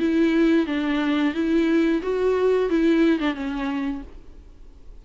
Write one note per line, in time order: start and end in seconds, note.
0.00 0.67 E4
0.67 1.35 D4
1.35 2.02 E4
2.03 2.70 F#4
2.70 3.20 E4
3.20 3.35 D4
3.35 4.02 C#4